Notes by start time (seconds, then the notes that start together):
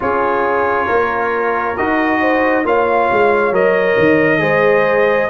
0.00 C#4 F4 G#4 C#5
0.86 A#3 A#4
1.76 D#4 F#4 D#5
2.20 C5
2.64 A#3 F4 C#5 F5
3.11 G#3
3.51 F#3 A#4 D#5
3.97 D#3
4.39 G#3 G#4 C5